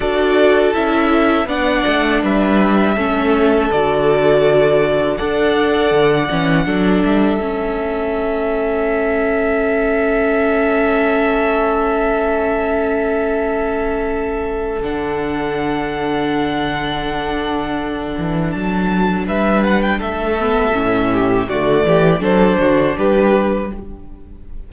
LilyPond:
<<
  \new Staff \with { instrumentName = "violin" } { \time 4/4 \tempo 4 = 81 d''4 e''4 fis''4 e''4~ | e''4 d''2 fis''4~ | fis''4. e''2~ e''8~ | e''1~ |
e''1 | fis''1~ | fis''4 a''4 e''8 fis''16 g''16 e''4~ | e''4 d''4 c''4 b'4 | }
  \new Staff \with { instrumentName = "violin" } { \time 4/4 a'2 d''4 b'4 | a'2. d''4~ | d''4 a'2.~ | a'1~ |
a'1~ | a'1~ | a'2 b'4 a'4~ | a'8 g'8 fis'8 g'8 a'8 fis'8 g'4 | }
  \new Staff \with { instrumentName = "viola" } { \time 4/4 fis'4 e'4 d'2 | cis'4 fis'2 a'4~ | a'8 cis'8 d'4 cis'2~ | cis'1~ |
cis'1 | d'1~ | d'2.~ d'8 b8 | cis'4 a4 d'2 | }
  \new Staff \with { instrumentName = "cello" } { \time 4/4 d'4 cis'4 b8 a8 g4 | a4 d2 d'4 | d8 e8 fis8 g8 a2~ | a1~ |
a1 | d1~ | d8 e8 fis4 g4 a4 | a,4 d8 e8 fis8 d8 g4 | }
>>